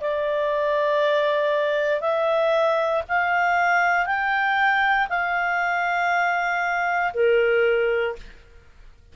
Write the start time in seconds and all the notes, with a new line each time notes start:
0.00 D5
2.01 E5
3.08 F5
4.06 G5
5.09 F5
7.14 A#4